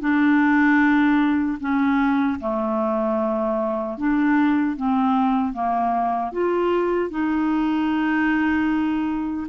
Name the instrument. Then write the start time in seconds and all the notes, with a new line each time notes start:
clarinet
0.00 D4
1.60 C#4
2.40 A3
3.98 D4
4.77 C4
5.53 A#3
6.32 F4
7.10 D#4